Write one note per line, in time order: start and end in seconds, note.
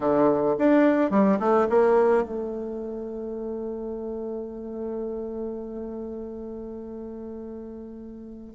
0.00 0.56 D3
0.58 1.10 D4
1.10 1.38 G3
1.39 1.67 A3
1.69 2.23 A#3
2.23 8.54 A3